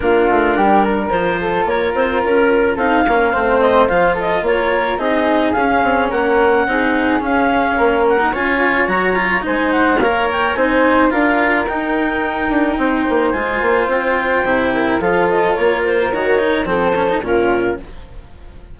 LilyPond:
<<
  \new Staff \with { instrumentName = "clarinet" } { \time 4/4 \tempo 4 = 108 ais'2 c''4 cis''8 c''8 | ais'4 f''4. dis''8 f''8 dis''8 | cis''4 dis''4 f''4 fis''4~ | fis''4 f''4. fis''8 gis''4 |
ais''4 gis''8 fis''8 f''8 g''8 gis''4 | f''4 g''2. | gis''4 g''2 f''8 dis''8 | cis''8 c''8 cis''4 c''4 ais'4 | }
  \new Staff \with { instrumentName = "flute" } { \time 4/4 f'4 g'8 ais'4 a'8 ais'4~ | ais'4 a'8 ais'8 c''4. a'8 | ais'4 gis'2 ais'4 | gis'2 ais'4 cis''4~ |
cis''4 c''4 cis''4 c''4 | ais'2. c''4~ | c''2~ c''8 ais'8 a'4 | ais'2 a'4 f'4 | }
  \new Staff \with { instrumentName = "cello" } { \time 4/4 d'2 f'2~ | f'4 dis'8 cis'8 c'4 f'4~ | f'4 dis'4 cis'2 | dis'4 cis'4.~ cis'16 dis'16 f'4 |
fis'8 f'8 dis'4 ais'4 dis'4 | f'4 dis'2. | f'2 e'4 f'4~ | f'4 fis'8 dis'8 c'8 cis'16 dis'16 cis'4 | }
  \new Staff \with { instrumentName = "bassoon" } { \time 4/4 ais8 a8 g4 f4 ais8 c'8 | cis'4 c'8 ais8 a4 f4 | ais4 c'4 cis'8 c'8 ais4 | c'4 cis'4 ais4 cis'4 |
fis4 gis4 ais4 c'4 | d'4 dis'4. d'8 c'8 ais8 | gis8 ais8 c'4 c4 f4 | ais4 dis4 f4 ais,4 | }
>>